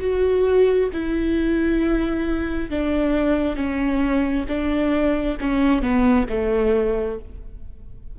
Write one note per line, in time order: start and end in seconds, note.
0.00 0.90 F#4
0.93 2.71 E4
2.71 3.57 D4
3.57 4.46 C#4
4.49 5.38 D4
5.41 5.82 C#4
5.82 6.27 B3
6.29 7.19 A3